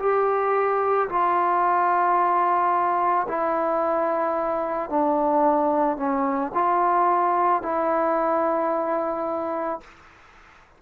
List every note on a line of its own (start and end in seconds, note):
0.00 1.09 G4
1.09 3.27 F4
3.29 4.90 E4
4.90 5.98 D4
5.98 6.52 C#4
6.55 7.63 F4
7.63 9.81 E4